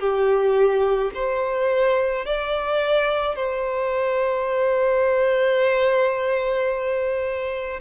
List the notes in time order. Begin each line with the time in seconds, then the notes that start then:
0.00 G4
1.14 C5
2.25 D5
3.36 C5